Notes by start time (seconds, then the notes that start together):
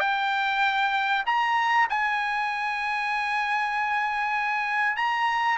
0.00 G5
1.26 A#5
1.90 G#5
4.96 A#5